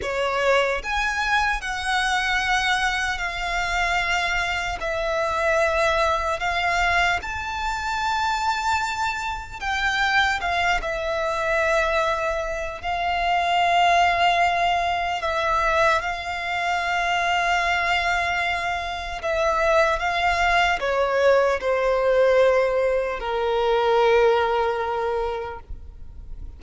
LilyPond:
\new Staff \with { instrumentName = "violin" } { \time 4/4 \tempo 4 = 75 cis''4 gis''4 fis''2 | f''2 e''2 | f''4 a''2. | g''4 f''8 e''2~ e''8 |
f''2. e''4 | f''1 | e''4 f''4 cis''4 c''4~ | c''4 ais'2. | }